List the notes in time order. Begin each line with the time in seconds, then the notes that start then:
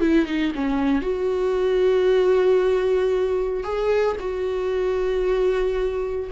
0.00 E4
0.26 D#4
0.55 C#4
1.01 F#4
3.63 G#4
4.19 F#4